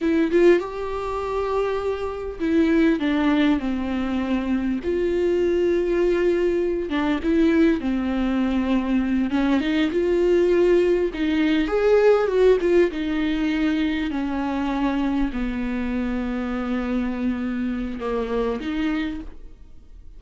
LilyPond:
\new Staff \with { instrumentName = "viola" } { \time 4/4 \tempo 4 = 100 e'8 f'8 g'2. | e'4 d'4 c'2 | f'2.~ f'8 d'8 | e'4 c'2~ c'8 cis'8 |
dis'8 f'2 dis'4 gis'8~ | gis'8 fis'8 f'8 dis'2 cis'8~ | cis'4. b2~ b8~ | b2 ais4 dis'4 | }